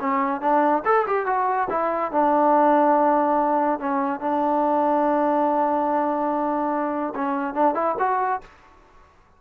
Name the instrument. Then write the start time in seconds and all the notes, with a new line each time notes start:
trombone
0.00 C#4
0.41 D4
0.85 A4
1.07 G4
1.26 F#4
1.70 E4
2.12 D4
3.80 C#4
4.20 D4
7.15 C#4
7.54 D4
7.75 E4
7.99 F#4